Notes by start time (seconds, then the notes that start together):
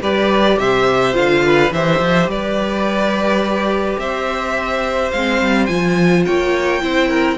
0.00 G3 G4 B4 D5
0.58 C3 C5 E5
1.12 D3 F4 F5
1.45 B4
1.71 E3 G4 C5 E5
1.99 F3
2.26 G3 B4 D5
3.98 C4 C5 E5
5.11 G#3 C4 F5
5.41 G3
5.66 F3 F4 G#5
6.25 A#3 C#5 G5
6.80 C4 E4 C5
7.08 A#4